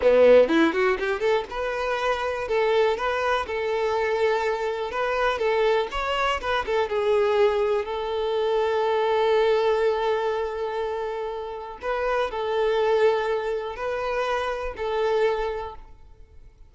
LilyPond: \new Staff \with { instrumentName = "violin" } { \time 4/4 \tempo 4 = 122 b4 e'8 fis'8 g'8 a'8 b'4~ | b'4 a'4 b'4 a'4~ | a'2 b'4 a'4 | cis''4 b'8 a'8 gis'2 |
a'1~ | a'1 | b'4 a'2. | b'2 a'2 | }